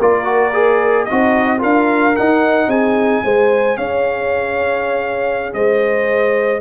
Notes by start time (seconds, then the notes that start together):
0.00 A#3 F4 A#4 D5
0.24 F#4
0.53 G#4
1.05 D#4 F#4 D#5
1.11 C4
1.59 D4 F4 A#4 F5
2.16 D#4 F#5
2.68 C4 G#4 G#5
3.24 G#3 G#4 C5
3.78 C#4 C#5 F5
5.54 G#3 C5 D#5